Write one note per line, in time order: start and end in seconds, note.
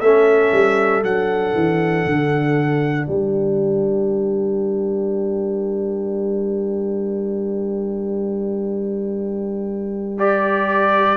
0.00 0.51 A3
0.00 1.03 C#4
0.00 3.03 A4
0.00 1.02 E5
0.52 1.03 G3
1.03 1.54 F#3
1.03 10.18 D4
1.03 3.07 F#5
1.54 2.05 E3
2.06 3.07 D3
3.03 11.17 G3
3.03 11.16 A#4
3.03 10.19 G5
10.18 11.17 G4
10.18 11.17 D5